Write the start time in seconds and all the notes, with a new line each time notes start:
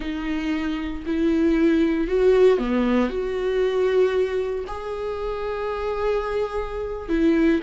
0.00 D#4
1.06 E4
2.07 F#4
2.58 B3
3.09 F#4
4.67 G#4
7.09 E4